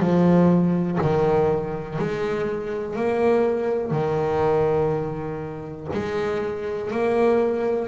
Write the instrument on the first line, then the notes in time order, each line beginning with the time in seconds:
double bass
0.00 F3
1.01 D#3
1.99 G#3
2.96 A#3
3.91 D#3
5.93 G#3
6.91 A#3